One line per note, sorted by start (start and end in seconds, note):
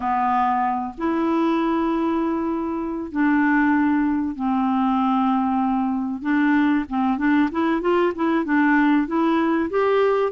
0.00 0.94 B3
0.97 3.11 E4
3.11 4.35 D4
4.35 6.22 C4
6.22 6.84 D4
6.89 7.18 C4
7.18 7.49 D4
7.51 7.81 E4
7.81 8.12 F4
8.15 8.44 E4
8.44 9.07 D4
9.07 9.69 E4
9.70 10.32 G4